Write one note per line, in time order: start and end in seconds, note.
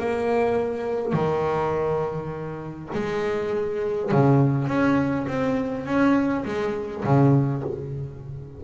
0.00 1.13 A#3
1.13 2.90 D#3
2.94 4.12 G#3
4.12 4.68 C#3
4.68 5.27 C#4
5.28 5.86 C4
5.86 6.45 C#4
6.45 7.04 G#3
7.05 7.64 C#3